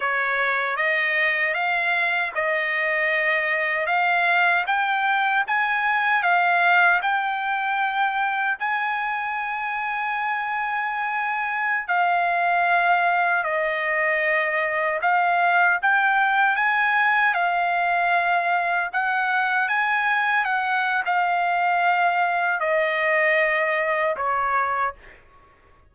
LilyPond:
\new Staff \with { instrumentName = "trumpet" } { \time 4/4 \tempo 4 = 77 cis''4 dis''4 f''4 dis''4~ | dis''4 f''4 g''4 gis''4 | f''4 g''2 gis''4~ | gis''2.~ gis''16 f''8.~ |
f''4~ f''16 dis''2 f''8.~ | f''16 g''4 gis''4 f''4.~ f''16~ | f''16 fis''4 gis''4 fis''8. f''4~ | f''4 dis''2 cis''4 | }